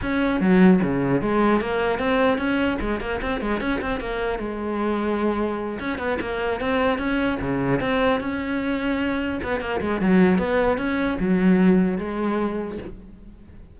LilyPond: \new Staff \with { instrumentName = "cello" } { \time 4/4 \tempo 4 = 150 cis'4 fis4 cis4 gis4 | ais4 c'4 cis'4 gis8 ais8 | c'8 gis8 cis'8 c'8 ais4 gis4~ | gis2~ gis8 cis'8 b8 ais8~ |
ais8 c'4 cis'4 cis4 c'8~ | c'8 cis'2. b8 | ais8 gis8 fis4 b4 cis'4 | fis2 gis2 | }